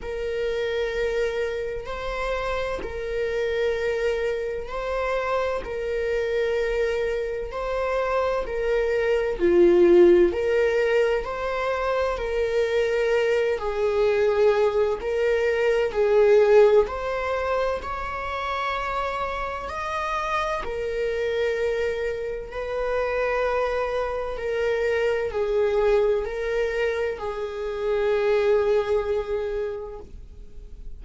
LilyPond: \new Staff \with { instrumentName = "viola" } { \time 4/4 \tempo 4 = 64 ais'2 c''4 ais'4~ | ais'4 c''4 ais'2 | c''4 ais'4 f'4 ais'4 | c''4 ais'4. gis'4. |
ais'4 gis'4 c''4 cis''4~ | cis''4 dis''4 ais'2 | b'2 ais'4 gis'4 | ais'4 gis'2. | }